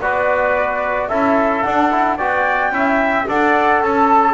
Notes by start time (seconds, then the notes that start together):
0.00 B3 F#4 B4 D5
1.09 C#4 E4 A4 E5
1.63 D4 F#5
1.91 E4
2.18 B3 F#4 D5 G5
2.71 C#4 E4 E5
3.28 D4 A4 D5 F#5
3.82 C#4 A4 A5